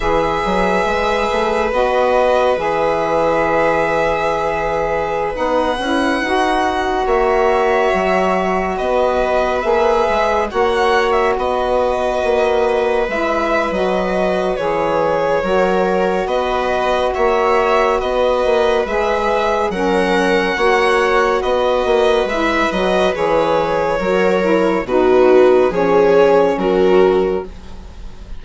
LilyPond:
<<
  \new Staff \with { instrumentName = "violin" } { \time 4/4 \tempo 4 = 70 e''2 dis''4 e''4~ | e''2~ e''16 fis''4.~ fis''16~ | fis''16 e''2 dis''4 e''8.~ | e''16 fis''8. e''16 dis''2 e''8. |
dis''4 cis''2 dis''4 | e''4 dis''4 e''4 fis''4~ | fis''4 dis''4 e''8 dis''8 cis''4~ | cis''4 b'4 cis''4 ais'4 | }
  \new Staff \with { instrumentName = "viola" } { \time 4/4 b'1~ | b'1~ | b'16 cis''2 b'4.~ b'16~ | b'16 cis''4 b'2~ b'8.~ |
b'2 ais'4 b'4 | cis''4 b'2 ais'4 | cis''4 b'2. | ais'4 fis'4 gis'4 fis'4 | }
  \new Staff \with { instrumentName = "saxophone" } { \time 4/4 gis'2 fis'4 gis'4~ | gis'2~ gis'16 dis'8 e'8 fis'8.~ | fis'2.~ fis'16 gis'8.~ | gis'16 fis'2. e'8. |
fis'4 gis'4 fis'2~ | fis'2 gis'4 cis'4 | fis'2 e'8 fis'8 gis'4 | fis'8 e'8 dis'4 cis'2 | }
  \new Staff \with { instrumentName = "bassoon" } { \time 4/4 e8 fis8 gis8 a8 b4 e4~ | e2~ e16 b8 cis'8 dis'8.~ | dis'16 ais4 fis4 b4 ais8 gis16~ | gis16 ais4 b4 ais4 gis8. |
fis4 e4 fis4 b4 | ais4 b8 ais8 gis4 fis4 | ais4 b8 ais8 gis8 fis8 e4 | fis4 b,4 f4 fis4 | }
>>